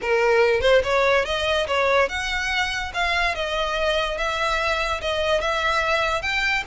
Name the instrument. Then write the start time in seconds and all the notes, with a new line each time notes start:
violin
0.01 A#4
0.61 C5
0.83 C#5
1.25 D#5
1.67 C#5
2.08 F#5
2.94 F5
3.34 D#5
4.17 E5
5.01 D#5
5.40 E5
6.22 G5